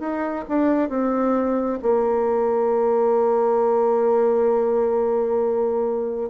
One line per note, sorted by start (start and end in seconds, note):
0.00 0.45 D#4
0.49 0.89 D4
0.89 1.79 C4
1.82 6.30 A#3